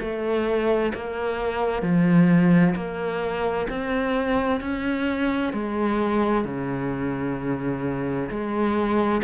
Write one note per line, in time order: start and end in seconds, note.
0.00 0.92 A3
0.94 1.82 A#3
1.82 2.74 F3
2.75 3.68 A#3
3.69 4.61 C4
4.61 5.53 C#4
5.53 6.44 G#3
6.44 8.29 C#3
8.30 9.22 G#3